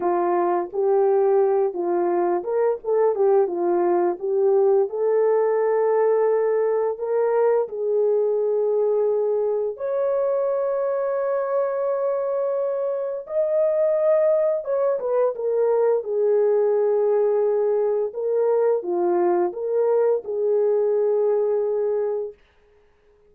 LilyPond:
\new Staff \with { instrumentName = "horn" } { \time 4/4 \tempo 4 = 86 f'4 g'4. f'4 ais'8 | a'8 g'8 f'4 g'4 a'4~ | a'2 ais'4 gis'4~ | gis'2 cis''2~ |
cis''2. dis''4~ | dis''4 cis''8 b'8 ais'4 gis'4~ | gis'2 ais'4 f'4 | ais'4 gis'2. | }